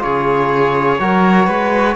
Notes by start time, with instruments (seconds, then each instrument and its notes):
0.00 cello C#3, trombone F4, violin G#4, trumpet C#5
0.99 cello F#3, trombone F#4, violin A#4
1.47 cello G#3, violin B4